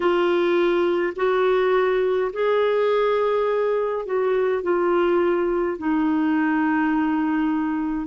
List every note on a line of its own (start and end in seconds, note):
0.00 1.13 F4
1.15 2.31 F#4
2.32 4.05 G#4
4.05 4.62 F#4
4.62 5.77 F4
5.77 8.06 D#4